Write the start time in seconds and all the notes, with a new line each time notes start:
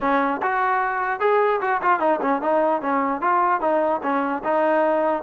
0.01 C#4
0.42 F#4
1.20 G#4
1.61 F#4
1.81 F4
1.99 D#4
2.21 C#4
2.41 D#4
2.81 C#4
3.21 F4
3.60 D#4
4.02 C#4
4.43 D#4